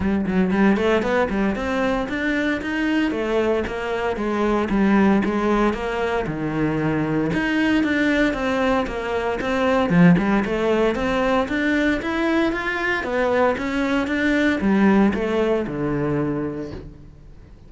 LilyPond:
\new Staff \with { instrumentName = "cello" } { \time 4/4 \tempo 4 = 115 g8 fis8 g8 a8 b8 g8 c'4 | d'4 dis'4 a4 ais4 | gis4 g4 gis4 ais4 | dis2 dis'4 d'4 |
c'4 ais4 c'4 f8 g8 | a4 c'4 d'4 e'4 | f'4 b4 cis'4 d'4 | g4 a4 d2 | }